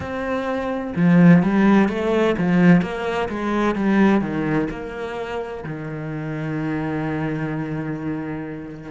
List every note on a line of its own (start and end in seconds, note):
0.00 0.93 C4
0.96 1.42 F3
1.42 1.88 G3
1.88 2.35 A3
2.38 2.81 F3
2.81 3.28 A#3
3.28 3.75 G#3
3.75 4.21 G3
4.21 4.68 D#3
4.70 5.63 A#3
5.63 8.91 D#3